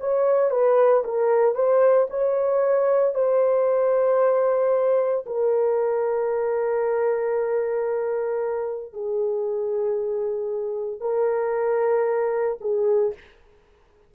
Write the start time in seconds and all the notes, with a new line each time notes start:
0.00 C#5
0.51 B4
1.04 A#4
1.55 C5
2.10 C#5
3.15 C5
5.26 A#4
8.93 G#4
11.00 A#4
12.61 G#4